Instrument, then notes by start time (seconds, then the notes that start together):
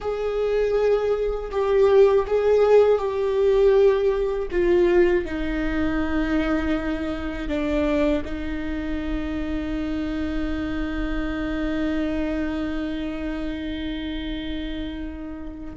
viola
0.00 G#4
1.51 G4
2.27 G#4
2.98 G4
4.51 F4
5.25 D#4
7.48 D4
8.24 D#4